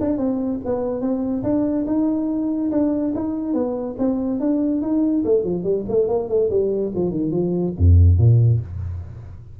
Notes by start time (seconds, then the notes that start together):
0.00 D4
0.17 C4
0.65 B3
1.00 C4
1.43 D4
1.86 D#4
2.71 D4
3.14 D#4
3.53 B3
3.98 C4
4.40 D4
4.81 D#4
5.24 A3
5.43 F3
5.63 G3
5.88 A3
6.07 A#3
6.28 A3
6.50 G3
6.94 F3
7.10 D#3
7.31 F3
7.77 F2
8.18 A#2